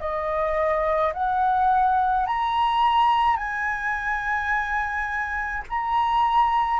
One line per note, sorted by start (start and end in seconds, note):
0.00 1.13 D#5
1.14 2.27 F#5
2.27 3.37 A#5
3.37 5.63 G#5
5.70 6.80 A#5